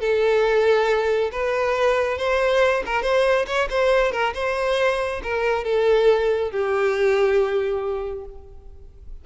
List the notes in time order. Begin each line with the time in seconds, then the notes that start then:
0.00 A4
1.32 B4
2.18 C5
2.85 A#4
3.02 C5
3.46 C#5
3.69 C5
4.11 A#4
4.34 C5
5.23 A#4
5.64 A4
6.51 G4